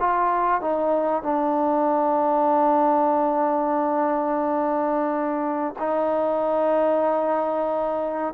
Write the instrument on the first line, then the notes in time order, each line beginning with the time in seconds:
trombone
0.00 F4
0.62 D#4
1.23 D4
5.79 D#4